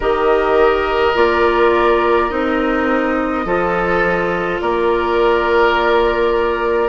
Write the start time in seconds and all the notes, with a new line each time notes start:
0.00 D#3 G4 A#4 D#5
1.14 A#3 F4 D5
2.29 C4 D#4 D#5
3.45 F3 F4 A4
4.60 A#3 A#4 D5